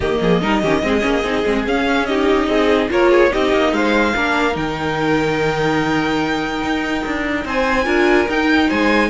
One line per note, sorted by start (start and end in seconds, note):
0.00 0.16 D#3
0.00 0.41 A#3
0.00 0.19 G4
0.00 1.66 D#5
0.21 0.41 F3
0.21 0.42 G#4
0.41 0.63 G3
0.41 0.62 D#4
0.41 0.61 A#4
0.61 0.82 D#3
0.61 0.82 C#4
0.61 0.82 G4
0.82 1.03 G#3
0.82 1.00 C4
0.82 2.07 G#4
1.00 1.23 A#3
1.00 1.21 C#4
1.23 1.44 C4
1.23 1.44 D#4
1.44 1.66 G#3
1.44 1.64 C4
1.66 2.47 C#4
1.66 2.07 C#4
1.66 2.05 F5
2.05 2.89 D#4
2.05 2.48 G4
2.05 2.88 D#5
2.47 2.89 C4
2.47 2.90 G#4
2.89 3.32 A#3
2.89 3.29 F4
2.89 3.10 A#4
2.89 3.32 C#5
3.10 3.31 G#4
3.29 3.52 C4
3.29 4.12 D#4
3.29 3.73 G4
3.29 3.73 D#5
3.52 3.72 A#3
3.72 4.13 G#3
3.72 4.15 C5
3.72 4.56 F5
4.15 4.55 A#3
4.15 4.52 D4
4.15 7.45 A#4
4.52 6.62 D#3
4.52 7.83 D#4
4.52 7.46 G5
6.62 7.04 D#4
7.06 7.44 D4
7.44 7.86 C4
7.44 7.84 C5
7.44 8.29 G#5
7.84 8.27 D4
7.84 8.26 F4
7.84 8.67 A#4
8.28 8.69 D#4
8.28 9.10 D#4
8.28 8.69 G5
8.68 9.10 G#3
8.68 9.09 C5
8.68 9.10 G#5